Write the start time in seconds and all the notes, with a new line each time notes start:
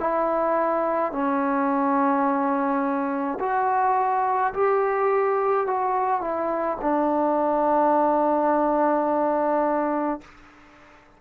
0.00 E4
1.12 C#4
3.40 F#4
4.54 G4
5.67 F#4
6.21 E4
6.81 D4